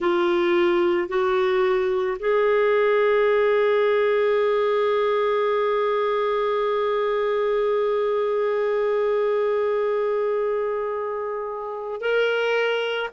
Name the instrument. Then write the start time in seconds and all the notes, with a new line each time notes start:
clarinet
0.00 F4
1.08 F#4
2.19 G#4
12.00 A#4